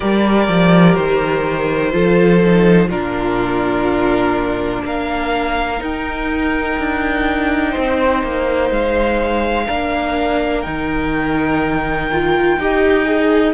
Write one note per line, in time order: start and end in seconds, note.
0.00 0.48 G3
0.00 1.91 G4
0.00 1.92 A#4
0.00 0.95 D5
0.48 0.97 F3
0.95 1.93 D#3
0.95 2.89 C5
1.91 2.89 F3
1.91 2.40 F4
1.91 2.88 A4
2.45 2.88 D#4
2.88 4.82 A#2
2.88 5.78 D4
2.88 4.82 F4
2.88 4.84 A#4
4.84 5.80 A#3
4.84 7.71 A#4
4.84 5.82 F5
5.78 9.65 D#4
5.78 6.77 D#4
5.78 8.72 G5
6.78 7.75 D4
7.71 9.64 C5
7.77 8.23 C4
8.23 8.70 A#3
8.70 9.67 G#3
8.70 10.61 F5
9.67 10.66 A#3
9.67 10.64 D4
9.67 12.57 A#4
10.61 12.57 D#3
10.61 12.09 D#4
10.61 13.52 G5
12.11 12.60 F4
12.57 13.54 D#4
12.57 13.04 G4
12.57 13.54 D#5
13.04 13.53 G#4